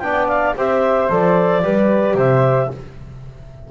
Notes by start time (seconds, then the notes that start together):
0.00 B3 D4 D5 G5
0.28 F5
0.56 C4 G4 C5 E5
1.10 F3 A4 D5
1.63 G3 G4 B4
2.15 C3 C5 E5